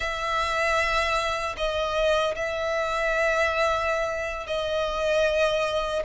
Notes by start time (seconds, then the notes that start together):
0.00 E5
1.57 D#5
2.35 E5
4.47 D#5